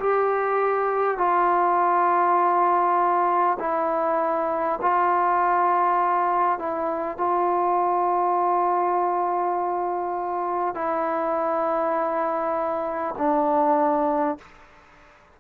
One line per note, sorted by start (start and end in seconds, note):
0.00 1.18 G4
1.18 3.58 F4
3.59 4.79 E4
4.82 6.59 F4
6.59 7.18 E4
7.18 10.75 F4
10.75 13.15 E4
13.19 14.39 D4